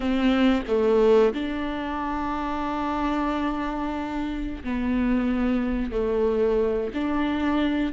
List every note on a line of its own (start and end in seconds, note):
0.00 0.62 C4
0.67 1.33 A3
1.33 4.63 D4
4.63 5.91 B3
5.91 6.90 A3
6.94 7.93 D4